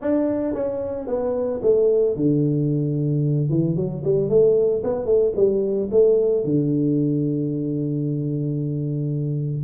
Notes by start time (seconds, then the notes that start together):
0.01 D4
0.54 C#4
1.07 B3
1.62 A3
2.16 D3
3.49 E3
3.76 F#3
4.04 G3
4.29 A3
4.83 B3
5.05 A3
5.36 G3
5.91 A3
6.44 D3